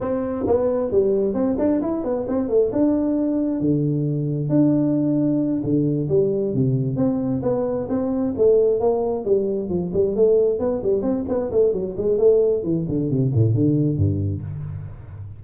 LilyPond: \new Staff \with { instrumentName = "tuba" } { \time 4/4 \tempo 4 = 133 c'4 b4 g4 c'8 d'8 | e'8 b8 c'8 a8 d'2 | d2 d'2~ | d'8 d4 g4 c4 c'8~ |
c'8 b4 c'4 a4 ais8~ | ais8 g4 f8 g8 a4 b8 | g8 c'8 b8 a8 fis8 gis8 a4 | e8 d8 c8 a,8 d4 g,4 | }